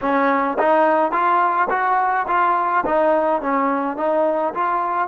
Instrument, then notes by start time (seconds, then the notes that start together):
trombone
0.01 C#4
0.59 D#4
1.11 F4
1.69 F#4
2.27 F4
2.85 D#4
3.41 C#4
3.96 D#4
4.53 F4